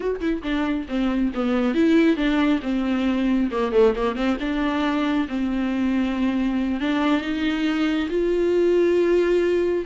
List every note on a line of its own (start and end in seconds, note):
0.00 0.20 F#4
0.20 0.42 E4
0.42 0.86 D4
0.88 1.32 C4
1.34 1.74 B3
1.74 2.16 E4
2.16 2.60 D4
2.62 3.49 C4
3.51 3.71 A#3
3.71 3.93 A3
3.95 4.15 A#3
4.15 4.37 C4
4.39 5.27 D4
5.28 6.80 C4
6.80 7.21 D4
7.21 8.08 D#4
8.09 9.85 F4